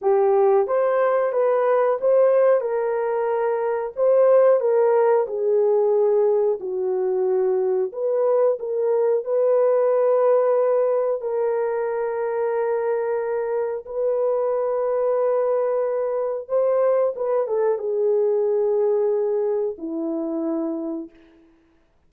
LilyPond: \new Staff \with { instrumentName = "horn" } { \time 4/4 \tempo 4 = 91 g'4 c''4 b'4 c''4 | ais'2 c''4 ais'4 | gis'2 fis'2 | b'4 ais'4 b'2~ |
b'4 ais'2.~ | ais'4 b'2.~ | b'4 c''4 b'8 a'8 gis'4~ | gis'2 e'2 | }